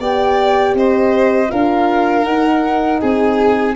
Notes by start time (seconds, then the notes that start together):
0.00 B3 G4 D5 G5
0.74 C4 C5 D#5
1.49 D4 F4 A#4 F5
2.25 D#4 F#5
3.00 C4 G#4 G#5